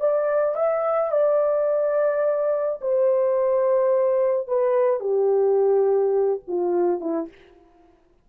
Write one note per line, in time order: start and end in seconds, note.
0.00 0.55 D5
0.55 1.11 E5
1.11 2.80 D5
2.81 4.48 C5
4.48 5.00 B4
5.00 6.40 G4
6.47 7.00 F4
7.00 7.28 E4